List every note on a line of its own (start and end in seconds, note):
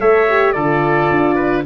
0.00 0.56 A3
0.00 0.28 A4
0.00 0.54 C#5
0.00 0.52 E5
0.28 0.55 G4
0.52 1.10 D3
0.52 1.65 F4
0.52 1.35 A4
0.52 1.62 D5
1.10 1.65 D4
1.35 1.62 B4